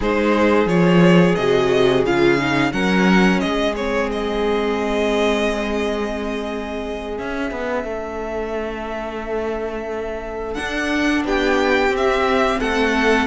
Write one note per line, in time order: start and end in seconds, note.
0.00 0.66 G#3
0.00 0.67 D#4
0.00 2.70 G#4
0.00 0.68 C5
0.66 1.34 F3
0.66 1.35 F4
0.66 1.35 C#5
1.35 2.04 C3
1.35 2.06 F#4
1.35 2.03 D#5
2.04 2.72 C#3
2.04 2.38 F4
2.04 2.72 F5
2.38 2.72 D#4
2.72 3.40 F#3
2.72 3.74 C#4
2.72 3.41 A#4
2.72 3.40 F#5
3.40 7.18 G#3
3.40 7.84 G#4
3.40 3.74 D#5
3.75 7.16 C4
3.75 4.10 C#5
4.12 7.18 D#5
7.16 10.55 C#4
7.16 7.51 C#4
7.16 10.54 E5
7.51 7.84 B3
7.84 10.56 A3
7.84 11.25 A4
10.54 11.91 D4
10.54 11.24 D4
10.54 11.22 F#5
11.24 11.89 B3
11.24 12.60 G4
11.24 11.95 G5
11.89 12.57 C4
11.96 13.26 C4
11.96 12.60 E5
12.60 13.26 A3
12.60 13.26 A4
12.60 13.26 F#5